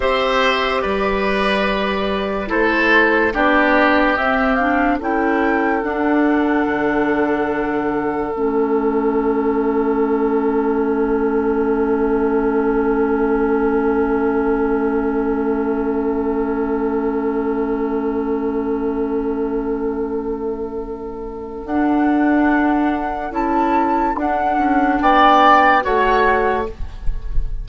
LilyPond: <<
  \new Staff \with { instrumentName = "flute" } { \time 4/4 \tempo 4 = 72 e''4 d''2 c''4 | d''4 e''8 f''8 g''4 fis''4~ | fis''2 e''2~ | e''1~ |
e''1~ | e''1~ | e''2 fis''2 | a''4 fis''4 g''4 fis''4 | }
  \new Staff \with { instrumentName = "oboe" } { \time 4/4 c''4 b'2 a'4 | g'2 a'2~ | a'1~ | a'1~ |
a'1~ | a'1~ | a'1~ | a'2 d''4 cis''4 | }
  \new Staff \with { instrumentName = "clarinet" } { \time 4/4 g'2. e'4 | d'4 c'8 d'8 e'4 d'4~ | d'2 cis'2~ | cis'1~ |
cis'1~ | cis'1~ | cis'2 d'2 | e'4 d'2 fis'4 | }
  \new Staff \with { instrumentName = "bassoon" } { \time 4/4 c'4 g2 a4 | b4 c'4 cis'4 d'4 | d2 a2~ | a1~ |
a1~ | a1~ | a2 d'2 | cis'4 d'8 cis'8 b4 a4 | }
>>